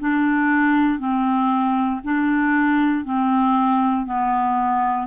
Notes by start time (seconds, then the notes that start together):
0.00 D4
0.99 C4
2.04 D4
3.05 C4
4.06 B3